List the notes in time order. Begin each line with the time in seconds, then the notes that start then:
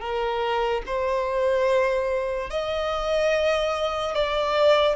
0.00 A#4
0.86 C5
2.50 D#5
4.14 D5